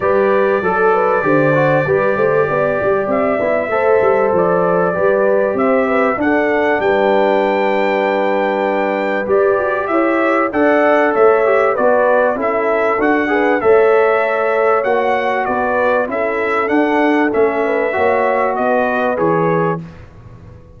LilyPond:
<<
  \new Staff \with { instrumentName = "trumpet" } { \time 4/4 \tempo 4 = 97 d''1~ | d''4 e''2 d''4~ | d''4 e''4 fis''4 g''4~ | g''2. d''4 |
e''4 fis''4 e''4 d''4 | e''4 fis''4 e''2 | fis''4 d''4 e''4 fis''4 | e''2 dis''4 cis''4 | }
  \new Staff \with { instrumentName = "horn" } { \time 4/4 b'4 a'8 b'8 c''4 b'8 c''8 | d''2 c''2 | b'4 c''8 b'8 a'4 b'4~ | b'1 |
cis''4 d''4 cis''4 b'4 | a'4. b'8 cis''2~ | cis''4 b'4 a'2~ | a'8 b'8 cis''4 b'2 | }
  \new Staff \with { instrumentName = "trombone" } { \time 4/4 g'4 a'4 g'8 fis'8 g'4~ | g'4. e'8 a'2 | g'2 d'2~ | d'2. g'4~ |
g'4 a'4. g'8 fis'4 | e'4 fis'8 gis'8 a'2 | fis'2 e'4 d'4 | cis'4 fis'2 gis'4 | }
  \new Staff \with { instrumentName = "tuba" } { \time 4/4 g4 fis4 d4 g8 a8 | b8 g8 c'8 b8 a8 g8 f4 | g4 c'4 d'4 g4~ | g2. g'8 fis'8 |
e'4 d'4 a4 b4 | cis'4 d'4 a2 | ais4 b4 cis'4 d'4 | a4 ais4 b4 e4 | }
>>